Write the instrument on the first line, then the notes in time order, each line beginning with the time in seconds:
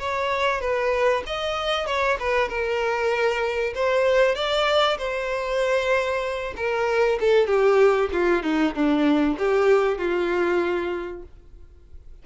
violin
0.00 C#5
0.61 B4
1.26 D#5
1.87 C#5
2.20 B4
2.49 A#4
3.75 C5
4.36 D5
4.98 C5
6.57 A#4
7.20 A4
7.47 G4
8.13 F4
8.43 D#4
8.75 D4
9.39 G4
9.98 F4